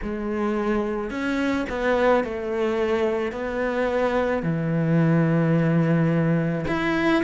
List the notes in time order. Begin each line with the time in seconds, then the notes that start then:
0.02 G#3
1.10 C#4
1.69 B3
2.24 A3
3.32 B3
4.42 E3
6.67 E4